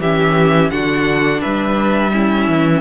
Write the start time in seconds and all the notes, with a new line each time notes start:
0.00 E3 C#4 G4 E5
0.70 D3 D4 F#4 F#5
1.41 G3 B4 E5
2.12 C#4 E4
2.48 E3